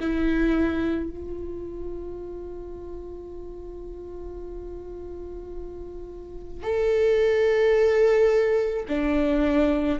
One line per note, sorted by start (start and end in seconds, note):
0.00 1.10 E4
1.10 6.63 F4
6.63 8.85 A4
8.88 9.99 D4